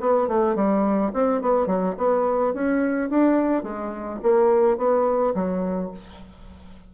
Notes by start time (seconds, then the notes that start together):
0.00 B3
0.28 A3
0.55 G3
1.13 C4
1.42 B3
1.67 F#3
1.98 B3
2.54 C#4
3.10 D4
3.63 G#3
4.23 A#3
4.78 B3
5.35 F#3